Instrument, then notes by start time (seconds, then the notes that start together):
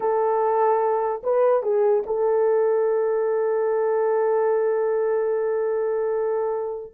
horn
0.00 A4
1.23 B4
1.63 G#4
2.06 A4